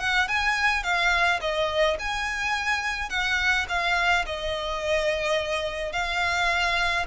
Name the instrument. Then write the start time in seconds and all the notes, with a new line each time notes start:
violin
0.00 F#5
0.28 G#5
0.84 F5
1.41 D#5
1.99 G#5
3.10 F#5
3.69 F5
4.26 D#5
5.93 F5